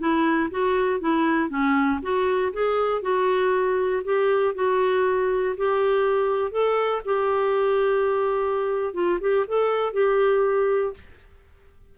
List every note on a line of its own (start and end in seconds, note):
0.00 0.50 E4
0.51 1.01 F#4
1.01 1.50 E4
1.50 2.01 C#4
2.03 2.53 F#4
2.53 3.02 G#4
3.02 4.03 F#4
4.05 4.55 G4
4.55 5.56 F#4
5.58 6.52 G4
6.52 7.02 A4
7.06 8.94 G4
8.94 9.19 F4
9.21 9.46 G4
9.48 9.93 A4
9.93 10.94 G4